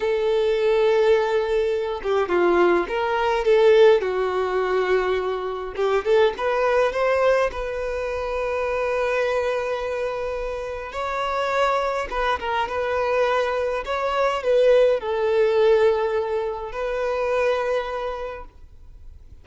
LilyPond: \new Staff \with { instrumentName = "violin" } { \time 4/4 \tempo 4 = 104 a'2.~ a'8 g'8 | f'4 ais'4 a'4 fis'4~ | fis'2 g'8 a'8 b'4 | c''4 b'2.~ |
b'2. cis''4~ | cis''4 b'8 ais'8 b'2 | cis''4 b'4 a'2~ | a'4 b'2. | }